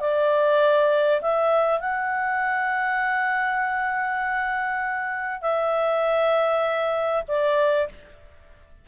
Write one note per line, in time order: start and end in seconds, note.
0.00 1.21 D5
1.22 1.80 E5
1.80 5.42 F#5
5.42 7.24 E5
7.28 7.88 D5